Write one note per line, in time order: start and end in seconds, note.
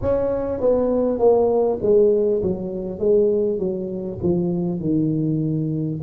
0.01 0.60 C#4
0.60 1.18 B3
1.18 1.78 A#3
1.82 2.42 G#3
2.42 2.99 F#3
2.99 3.58 G#3
3.58 4.18 F#3
4.22 4.79 F3
4.79 5.99 D#3